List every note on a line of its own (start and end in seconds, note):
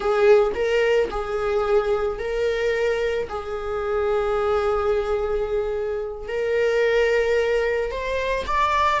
0.00 0.52 G#4
0.54 1.09 A#4
1.10 2.18 G#4
2.18 3.28 A#4
3.29 6.28 G#4
6.28 7.91 A#4
7.91 8.45 C5
8.46 9.00 D5